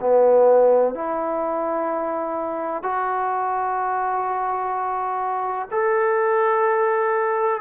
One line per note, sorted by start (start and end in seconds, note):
0.00 0.94 B3
0.94 2.83 E4
2.83 5.68 F#4
5.71 7.61 A4